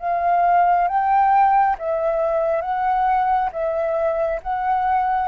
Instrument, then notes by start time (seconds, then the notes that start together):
flute
0.00 F5
0.88 G5
1.79 E5
2.62 F#5
3.53 E5
4.43 F#5